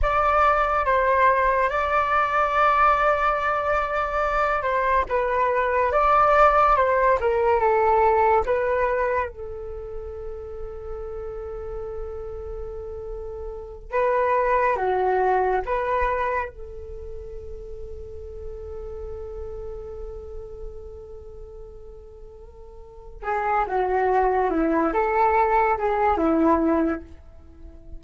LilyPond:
\new Staff \with { instrumentName = "flute" } { \time 4/4 \tempo 4 = 71 d''4 c''4 d''2~ | d''4. c''8 b'4 d''4 | c''8 ais'8 a'4 b'4 a'4~ | a'1~ |
a'8 b'4 fis'4 b'4 a'8~ | a'1~ | a'2.~ a'8 gis'8 | fis'4 e'8 a'4 gis'8 e'4 | }